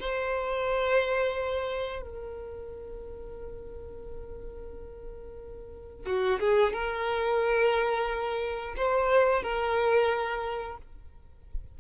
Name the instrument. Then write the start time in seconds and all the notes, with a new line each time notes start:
violin
0.00 C5
2.02 A#4
6.06 F#4
6.40 G#4
6.73 A#4
8.77 C5
9.43 A#4